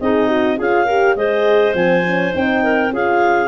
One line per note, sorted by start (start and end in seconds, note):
0.00 0.59 C4
0.00 0.57 D#4
0.00 0.27 G#4
0.00 0.59 D#5
0.27 0.57 F#4
0.57 1.15 C#4
0.57 0.87 F4
0.57 0.85 G#4
0.57 1.16 F5
0.85 1.17 G4
0.85 1.14 A#4
1.15 1.74 G#3
1.15 1.74 G#4
1.15 2.63 C5
1.15 1.75 D#5
1.74 2.33 F3
1.74 2.03 C4
1.74 2.34 G#5
2.07 2.31 C#4
2.31 2.91 C4
2.31 2.90 D#4
2.31 2.94 G5
2.63 2.93 A#4
2.91 3.48 C#4
2.91 3.48 F4
2.91 3.48 G#4
2.91 3.48 F5